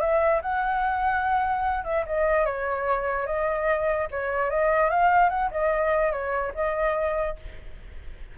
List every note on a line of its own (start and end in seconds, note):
0.00 0.41 E5
0.42 1.84 F#5
1.84 2.05 E5
2.06 2.45 D#5
2.45 3.26 C#5
3.26 4.08 D#5
4.11 4.50 C#5
4.50 4.90 D#5
4.90 5.29 F5
5.29 5.50 F#5
5.51 6.12 D#5
6.12 6.53 C#5
6.55 7.36 D#5